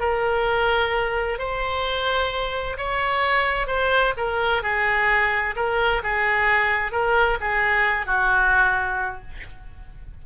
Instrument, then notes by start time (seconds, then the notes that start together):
oboe
0.00 A#4
1.39 C5
2.78 C#5
3.67 C5
4.17 A#4
4.63 G#4
5.56 A#4
6.03 G#4
6.92 A#4
7.41 G#4
8.06 F#4